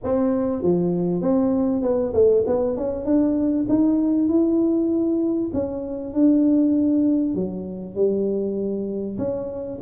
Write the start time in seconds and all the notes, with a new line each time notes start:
0.03 C4
0.62 F3
1.21 C4
1.82 B3
2.13 A3
2.46 B3
2.76 C#4
3.05 D4
3.68 D#4
4.28 E4
5.53 C#4
6.13 D4
7.34 F#3
7.95 G3
9.18 C#4